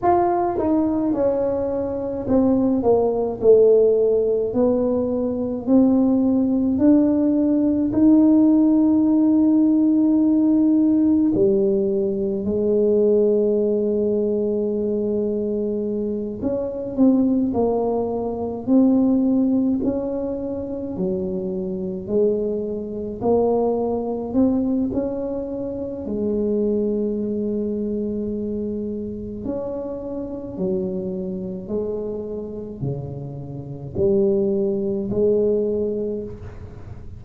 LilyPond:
\new Staff \with { instrumentName = "tuba" } { \time 4/4 \tempo 4 = 53 f'8 dis'8 cis'4 c'8 ais8 a4 | b4 c'4 d'4 dis'4~ | dis'2 g4 gis4~ | gis2~ gis8 cis'8 c'8 ais8~ |
ais8 c'4 cis'4 fis4 gis8~ | gis8 ais4 c'8 cis'4 gis4~ | gis2 cis'4 fis4 | gis4 cis4 g4 gis4 | }